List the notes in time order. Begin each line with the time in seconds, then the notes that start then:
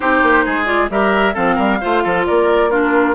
0.00 C4 D#4 G4 C5
0.22 A#3
0.45 G#3 G#4
0.65 F4 D5
0.90 G3 G4 A#4 E5
1.34 F3 C4 A4 F5
1.55 G3 A#4
1.80 A3 F4 C5
2.03 F3 A4
2.26 A#3 A#4 D5
2.70 D4 F4 A#4